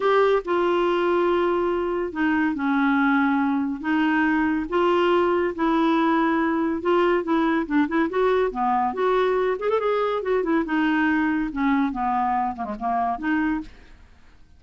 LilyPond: \new Staff \with { instrumentName = "clarinet" } { \time 4/4 \tempo 4 = 141 g'4 f'2.~ | f'4 dis'4 cis'2~ | cis'4 dis'2 f'4~ | f'4 e'2. |
f'4 e'4 d'8 e'8 fis'4 | b4 fis'4. gis'16 a'16 gis'4 | fis'8 e'8 dis'2 cis'4 | b4. ais16 gis16 ais4 dis'4 | }